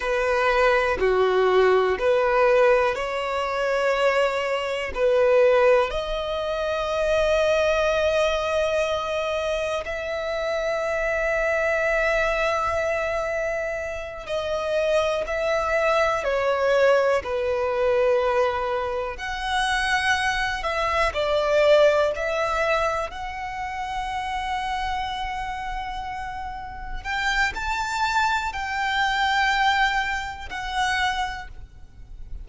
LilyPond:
\new Staff \with { instrumentName = "violin" } { \time 4/4 \tempo 4 = 61 b'4 fis'4 b'4 cis''4~ | cis''4 b'4 dis''2~ | dis''2 e''2~ | e''2~ e''8 dis''4 e''8~ |
e''8 cis''4 b'2 fis''8~ | fis''4 e''8 d''4 e''4 fis''8~ | fis''2.~ fis''8 g''8 | a''4 g''2 fis''4 | }